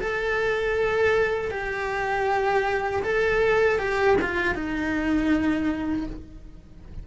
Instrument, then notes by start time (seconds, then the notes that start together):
cello
0.00 A4
1.51 G4
3.02 A4
3.79 G4
4.21 F4
4.55 D#4